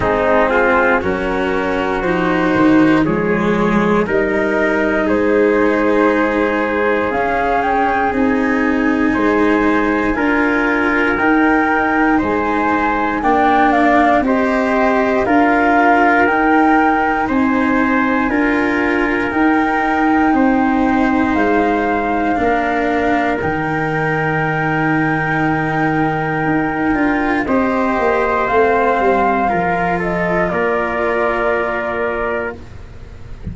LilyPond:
<<
  \new Staff \with { instrumentName = "flute" } { \time 4/4 \tempo 4 = 59 gis'4 ais'4 c''4 cis''4 | dis''4 c''2 f''8 g''8 | gis''2. g''4 | gis''4 g''8 f''8 dis''4 f''4 |
g''4 gis''2 g''4~ | g''4 f''2 g''4~ | g''2. dis''4 | f''4. dis''8 d''2 | }
  \new Staff \with { instrumentName = "trumpet" } { \time 4/4 dis'8 f'8 fis'2 gis'4 | ais'4 gis'2.~ | gis'4 c''4 ais'2 | c''4 d''4 c''4 ais'4~ |
ais'4 c''4 ais'2 | c''2 ais'2~ | ais'2. c''4~ | c''4 ais'8 a'8 ais'2 | }
  \new Staff \with { instrumentName = "cello" } { \time 4/4 c'4 cis'4 dis'4 gis4 | dis'2. cis'4 | dis'2 f'4 dis'4~ | dis'4 d'4 g'4 f'4 |
dis'2 f'4 dis'4~ | dis'2 d'4 dis'4~ | dis'2~ dis'8 f'8 g'4 | c'4 f'2. | }
  \new Staff \with { instrumentName = "tuba" } { \time 4/4 gis4 fis4 f8 dis8 f4 | g4 gis2 cis'4 | c'4 gis4 d'4 dis'4 | gis4 ais4 c'4 d'4 |
dis'4 c'4 d'4 dis'4 | c'4 gis4 ais4 dis4~ | dis2 dis'8 d'8 c'8 ais8 | a8 g8 f4 ais2 | }
>>